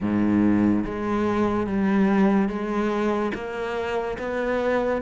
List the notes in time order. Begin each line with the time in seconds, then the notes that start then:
0.00 G#2
0.84 G#3
1.66 G3
2.48 G#3
3.34 A#3
4.18 B3